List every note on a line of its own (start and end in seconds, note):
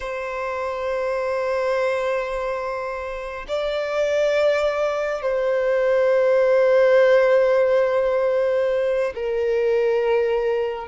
0.00 3.45 C5
3.48 5.22 D5
5.22 9.13 C5
9.14 10.87 A#4